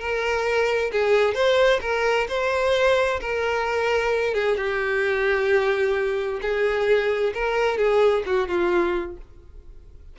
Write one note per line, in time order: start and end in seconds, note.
0.00 0.92 A#4
0.92 1.34 G#4
1.34 1.80 C5
1.81 2.27 A#4
2.29 3.20 C5
3.21 4.34 A#4
4.34 4.57 G#4
4.57 6.40 G4
6.42 7.33 G#4
7.34 7.78 A#4
7.78 8.24 G#4
8.26 8.48 F#4
8.48 9.17 F4